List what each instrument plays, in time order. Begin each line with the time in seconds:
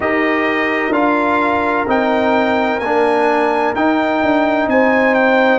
0.00 tuba D#4, trombone G4, horn A#4, trumpet D#5
0.90 tuba D4, trombone F4, trumpet F5
1.87 tuba C4, trombone D#4, trumpet G5
2.79 tuba A#3, trombone D4, trumpet G#5
3.75 tuba D#4, trombone D#4, trumpet G5
4.22 tuba D4
4.67 tuba C4, horn C5, trumpet G#5
5.14 trumpet G5